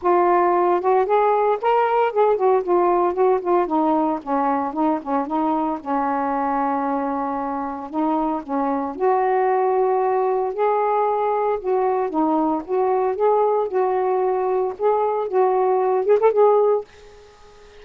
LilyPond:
\new Staff \with { instrumentName = "saxophone" } { \time 4/4 \tempo 4 = 114 f'4. fis'8 gis'4 ais'4 | gis'8 fis'8 f'4 fis'8 f'8 dis'4 | cis'4 dis'8 cis'8 dis'4 cis'4~ | cis'2. dis'4 |
cis'4 fis'2. | gis'2 fis'4 dis'4 | fis'4 gis'4 fis'2 | gis'4 fis'4. gis'16 a'16 gis'4 | }